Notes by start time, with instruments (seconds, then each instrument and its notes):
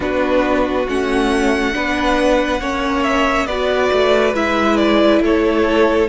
0.00 cello B3, viola D4, violin F#4 B4
0.88 cello A3, viola C#4, violin F#5
1.73 cello B3, viola D4, violin B4
2.59 cello A#3, viola C#4, violin C#5
3.03 violin E5
3.46 cello B3, viola F#4, violin B4 D5
3.92 cello A3
4.33 cello G#3, viola E4, violin E5
4.76 violin D5
5.20 cello A3, violin A4 C#5